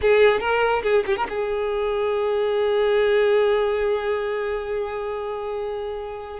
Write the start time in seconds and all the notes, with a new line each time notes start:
0.01 G#4
0.39 A#4
0.82 G#4
1.06 G4
1.16 A#4
1.29 G#4